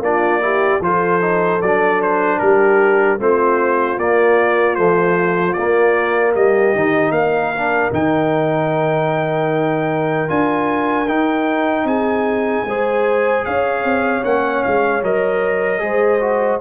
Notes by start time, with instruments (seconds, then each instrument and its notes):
0.00 tuba A#3, trombone D4, horn F4, trumpet D5
0.40 trombone E4, horn G4
0.80 tuba F3, trombone F4, horn A4, trumpet C5
1.21 trombone D#4
1.61 tuba F#3, trombone D4, trumpet D5
2.02 trumpet C5
2.39 tuba G3, horn G4, trumpet A#4
3.19 tuba A3, trombone C4, horn F4, trumpet C5
3.98 tuba A#3, trombone A#3, trumpet D5
4.75 trombone F3, tuba A3, trumpet C5
5.53 tuba A#3, trombone A#3, trumpet D5
6.34 tuba G3, horn G4, trumpet D#5
6.75 tuba D#3, trombone D#4
7.10 tuba A#3, horn A#4, trumpet F5
7.56 trombone D4
7.92 tuba D#3, trombone D#4, trumpet G5
10.28 tuba D4, trombone F4, trumpet G#5
11.08 tuba D#4, trombone D#4, trumpet G5
11.84 tuba C4, horn G#4, trumpet G#5
12.64 tuba G#3, trombone G#4, horn C5
13.45 tuba C#4, horn C#5, trumpet F5
13.84 tuba C4
14.23 tuba A#3, trombone C#4, trumpet F#5
14.63 tuba G#3, trumpet F5
15.02 tuba F#3, trombone A#4, trumpet D#5
15.79 tuba G#3, trombone G#4, horn C5
16.20 trombone F#4